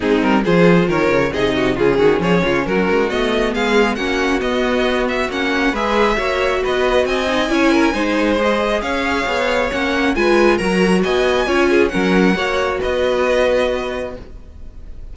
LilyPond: <<
  \new Staff \with { instrumentName = "violin" } { \time 4/4 \tempo 4 = 136 gis'8 ais'8 c''4 cis''4 dis''4 | gis'4 cis''4 ais'4 dis''4 | f''4 fis''4 dis''4. e''8 | fis''4 e''2 dis''4 |
gis''2. dis''4 | f''2 fis''4 gis''4 | ais''4 gis''2 fis''4~ | fis''4 dis''2. | }
  \new Staff \with { instrumentName = "violin" } { \time 4/4 dis'4 gis'4 ais'4 gis'8 fis'8 | f'8 fis'8 gis'8 f'8 fis'2 | gis'4 fis'2.~ | fis'4 b'4 cis''4 b'4 |
dis''4 cis''8 ais'8 c''2 | cis''2. b'4 | ais'4 dis''4 cis''8 gis'8 ais'4 | cis''4 b'2. | }
  \new Staff \with { instrumentName = "viola" } { \time 4/4 c'4 f'2 dis'4 | cis'2. b4~ | b4 cis'4 b2 | cis'4 gis'4 fis'2~ |
fis'8 dis'8 e'4 dis'4 gis'4~ | gis'2 cis'4 f'4 | fis'2 f'4 cis'4 | fis'1 | }
  \new Staff \with { instrumentName = "cello" } { \time 4/4 gis8 g8 f4 dis8 cis8 c4 | cis8 dis8 f8 cis8 fis8 gis8 a4 | gis4 ais4 b2 | ais4 gis4 ais4 b4 |
c'4 cis'4 gis2 | cis'4 b4 ais4 gis4 | fis4 b4 cis'4 fis4 | ais4 b2. | }
>>